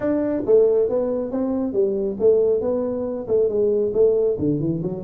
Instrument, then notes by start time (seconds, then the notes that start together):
tuba
0.00 D4
0.46 A3
0.89 B3
1.31 C4
1.73 G3
2.19 A3
2.61 B3
3.27 A3
3.48 G#3
3.93 A3
4.38 D3
4.60 E3
4.82 F#3